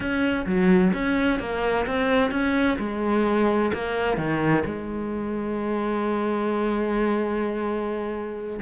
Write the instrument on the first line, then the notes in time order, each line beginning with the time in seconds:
cello
0.00 C#4
0.46 F#3
0.93 C#4
1.39 A#3
1.86 C4
2.31 C#4
2.78 G#3
3.73 A#3
4.17 D#3
4.65 G#3